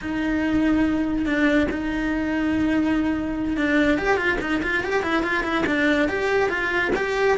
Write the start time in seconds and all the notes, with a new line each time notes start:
0.01 D#4
1.25 D4
1.70 D#4
3.56 D4
3.98 G4
4.16 F4
4.40 D#4
4.62 F4
4.83 G4
5.02 E4
5.22 F4
5.43 E4
5.66 D4
6.08 G4
6.49 F4
6.95 G4